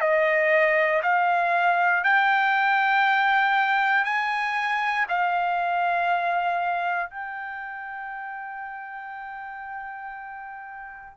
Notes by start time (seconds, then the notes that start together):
0.00 D#5
1.03 F5
2.04 G5
4.04 G#5
5.08 F5
7.10 G5